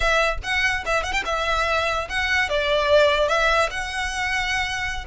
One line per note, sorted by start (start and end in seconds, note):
0.00 0.38 E5
0.43 0.84 F#5
0.85 1.03 E5
1.03 1.12 F#5
1.12 1.23 G5
1.25 2.08 E5
2.09 2.49 F#5
2.49 3.28 D5
3.28 3.69 E5
3.70 5.05 F#5